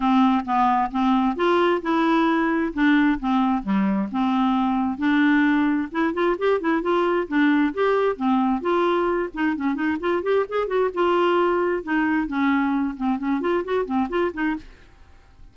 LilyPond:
\new Staff \with { instrumentName = "clarinet" } { \time 4/4 \tempo 4 = 132 c'4 b4 c'4 f'4 | e'2 d'4 c'4 | g4 c'2 d'4~ | d'4 e'8 f'8 g'8 e'8 f'4 |
d'4 g'4 c'4 f'4~ | f'8 dis'8 cis'8 dis'8 f'8 g'8 gis'8 fis'8 | f'2 dis'4 cis'4~ | cis'8 c'8 cis'8 f'8 fis'8 c'8 f'8 dis'8 | }